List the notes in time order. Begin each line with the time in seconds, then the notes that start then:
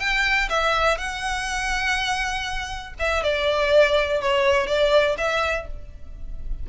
0.00 G5
0.50 E5
0.98 F#5
2.99 E5
3.23 D5
4.22 C#5
4.67 D5
5.18 E5